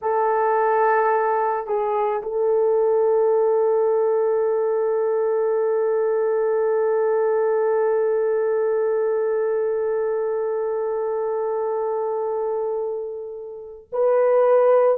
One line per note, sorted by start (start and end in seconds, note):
0.01 1.66 A4
1.66 2.22 G#4
2.22 13.89 A4
13.92 14.97 B4